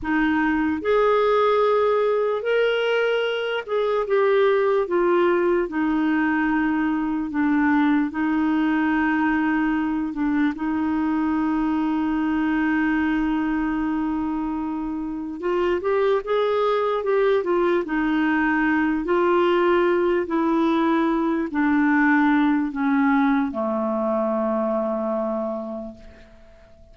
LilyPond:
\new Staff \with { instrumentName = "clarinet" } { \time 4/4 \tempo 4 = 74 dis'4 gis'2 ais'4~ | ais'8 gis'8 g'4 f'4 dis'4~ | dis'4 d'4 dis'2~ | dis'8 d'8 dis'2.~ |
dis'2. f'8 g'8 | gis'4 g'8 f'8 dis'4. f'8~ | f'4 e'4. d'4. | cis'4 a2. | }